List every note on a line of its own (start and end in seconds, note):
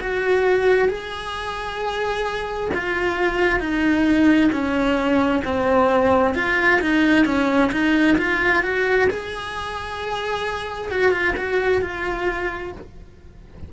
0.00 0.88 F#4
0.88 2.70 G#4
2.74 3.60 F4
3.60 4.50 D#4
4.52 5.43 C#4
5.44 6.34 C4
6.34 6.80 F4
6.80 7.25 D#4
7.25 7.71 C#4
7.71 8.17 D#4
8.17 8.62 F4
8.62 9.08 F#4
9.10 10.91 G#4
10.91 11.11 F#4
11.11 11.34 F4
11.36 11.81 F#4
11.81 12.72 F4